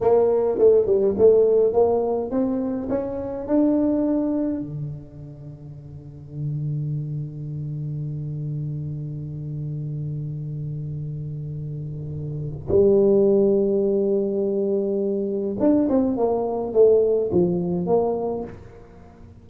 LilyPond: \new Staff \with { instrumentName = "tuba" } { \time 4/4 \tempo 4 = 104 ais4 a8 g8 a4 ais4 | c'4 cis'4 d'2 | d1~ | d1~ |
d1~ | d2 g2~ | g2. d'8 c'8 | ais4 a4 f4 ais4 | }